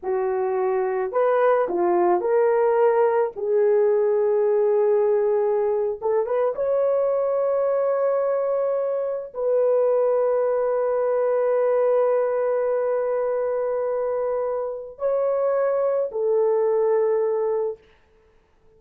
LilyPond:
\new Staff \with { instrumentName = "horn" } { \time 4/4 \tempo 4 = 108 fis'2 b'4 f'4 | ais'2 gis'2~ | gis'2~ gis'8. a'8 b'8 cis''16~ | cis''1~ |
cis''8. b'2.~ b'16~ | b'1~ | b'2. cis''4~ | cis''4 a'2. | }